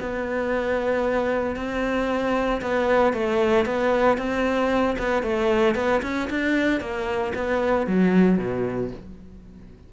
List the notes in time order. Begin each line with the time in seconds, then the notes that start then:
0.00 B3
1.56 C4
2.61 B3
3.13 A3
3.66 B3
4.17 C4
4.98 B3
5.23 A3
5.75 B3
6.03 C#4
6.30 D4
6.80 A#3
7.35 B3
7.87 F#3
8.38 B2